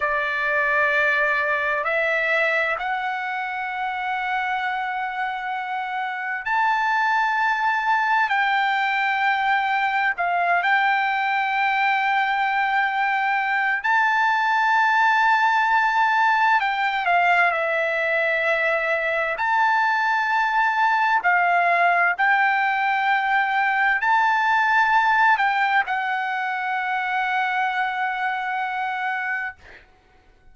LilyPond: \new Staff \with { instrumentName = "trumpet" } { \time 4/4 \tempo 4 = 65 d''2 e''4 fis''4~ | fis''2. a''4~ | a''4 g''2 f''8 g''8~ | g''2. a''4~ |
a''2 g''8 f''8 e''4~ | e''4 a''2 f''4 | g''2 a''4. g''8 | fis''1 | }